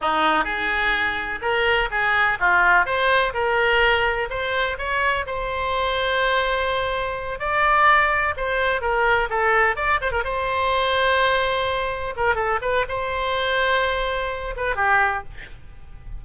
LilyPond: \new Staff \with { instrumentName = "oboe" } { \time 4/4 \tempo 4 = 126 dis'4 gis'2 ais'4 | gis'4 f'4 c''4 ais'4~ | ais'4 c''4 cis''4 c''4~ | c''2.~ c''8 d''8~ |
d''4. c''4 ais'4 a'8~ | a'8 d''8 c''16 ais'16 c''2~ c''8~ | c''4. ais'8 a'8 b'8 c''4~ | c''2~ c''8 b'8 g'4 | }